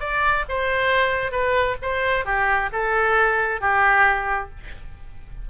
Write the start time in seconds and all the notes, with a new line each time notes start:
0.00 D5
0.49 C5
1.32 B4
1.82 C5
2.25 G4
2.72 A4
3.61 G4